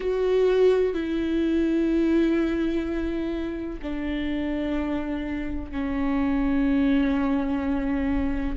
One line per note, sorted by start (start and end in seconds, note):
0.00 0.94 F#4
0.94 3.79 E4
3.82 5.71 D4
5.71 8.57 C#4